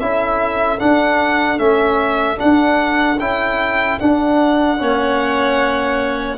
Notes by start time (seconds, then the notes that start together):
0.00 C#4 E4 A4 E5
0.79 D4 F#5
1.58 A3 C#4 E5
2.37 D4 F#5
3.19 C#4 E4 G5
4.00 D4 F#5
4.78 A#3 C#4 C#5